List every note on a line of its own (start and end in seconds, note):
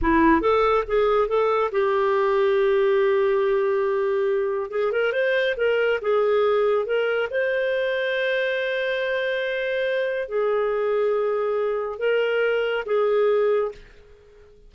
0.01 0.41 E4
0.41 0.84 A4
0.87 1.28 G#4
1.28 1.70 A4
1.71 4.70 G4
4.70 4.91 G#4
4.91 5.12 A#4
5.12 5.55 C5
5.56 5.99 A#4
6.01 6.85 G#4
6.85 7.28 A#4
7.30 10.28 C5
10.28 11.98 G#4
11.98 12.84 A#4
12.85 13.71 G#4